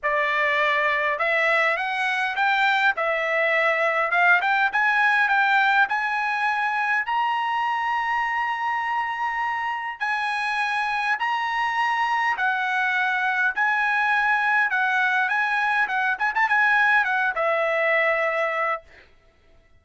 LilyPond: \new Staff \with { instrumentName = "trumpet" } { \time 4/4 \tempo 4 = 102 d''2 e''4 fis''4 | g''4 e''2 f''8 g''8 | gis''4 g''4 gis''2 | ais''1~ |
ais''4 gis''2 ais''4~ | ais''4 fis''2 gis''4~ | gis''4 fis''4 gis''4 fis''8 gis''16 a''16 | gis''4 fis''8 e''2~ e''8 | }